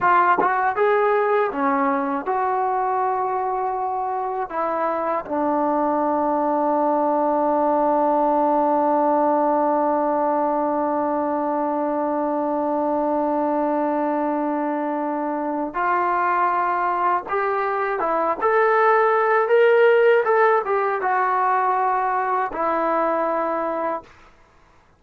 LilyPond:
\new Staff \with { instrumentName = "trombone" } { \time 4/4 \tempo 4 = 80 f'8 fis'8 gis'4 cis'4 fis'4~ | fis'2 e'4 d'4~ | d'1~ | d'1~ |
d'1~ | d'4 f'2 g'4 | e'8 a'4. ais'4 a'8 g'8 | fis'2 e'2 | }